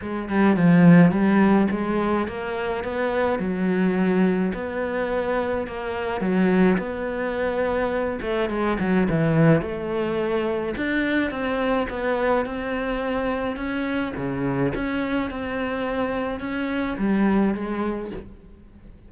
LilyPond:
\new Staff \with { instrumentName = "cello" } { \time 4/4 \tempo 4 = 106 gis8 g8 f4 g4 gis4 | ais4 b4 fis2 | b2 ais4 fis4 | b2~ b8 a8 gis8 fis8 |
e4 a2 d'4 | c'4 b4 c'2 | cis'4 cis4 cis'4 c'4~ | c'4 cis'4 g4 gis4 | }